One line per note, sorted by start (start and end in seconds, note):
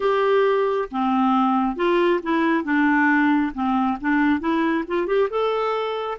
0.00 0.88 G4
0.91 1.76 C4
1.76 2.20 F4
2.22 2.64 E4
2.64 3.52 D4
3.53 3.97 C4
4.01 4.40 D4
4.40 4.84 E4
4.87 5.06 F4
5.06 5.28 G4
5.29 6.18 A4